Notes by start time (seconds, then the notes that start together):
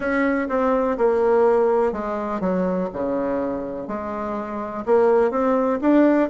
0.00 C#4
0.48 C4
0.97 A#3
1.92 G#3
2.40 F#3
2.93 C#3
3.87 G#3
4.85 A#3
5.30 C4
5.81 D4